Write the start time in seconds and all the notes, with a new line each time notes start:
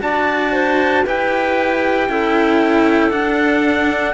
0.00 D4 F#4 D5 A5
0.53 C5
1.05 E4 G4 B4 G5
2.09 C#4 E4 A4
3.11 D4 F#5